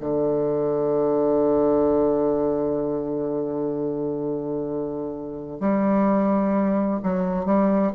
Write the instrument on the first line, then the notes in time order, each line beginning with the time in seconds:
bassoon
0.00 D3
5.60 G3
7.03 F#3
7.45 G3